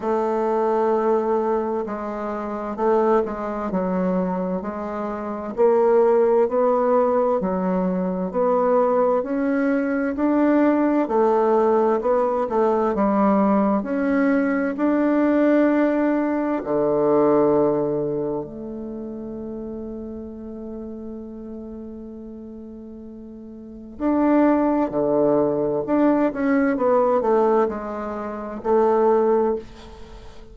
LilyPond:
\new Staff \with { instrumentName = "bassoon" } { \time 4/4 \tempo 4 = 65 a2 gis4 a8 gis8 | fis4 gis4 ais4 b4 | fis4 b4 cis'4 d'4 | a4 b8 a8 g4 cis'4 |
d'2 d2 | a1~ | a2 d'4 d4 | d'8 cis'8 b8 a8 gis4 a4 | }